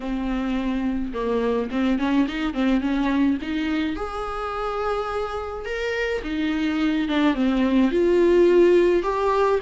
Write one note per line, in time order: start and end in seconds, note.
0.00 1.12 C4
1.13 1.70 A#3
1.71 1.98 C4
1.98 2.26 C#4
2.28 2.54 D#4
2.54 2.80 C4
2.80 3.37 C#4
3.41 3.96 D#4
3.96 5.65 G#4
5.65 6.22 A#4
6.23 7.08 D#4
7.08 7.34 D4
7.34 7.91 C4
7.91 9.03 F4
9.03 9.59 G4